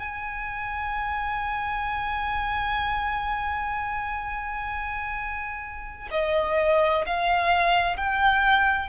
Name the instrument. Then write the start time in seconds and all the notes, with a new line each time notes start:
violin
0.00 G#5
6.12 D#5
7.07 F5
7.97 G5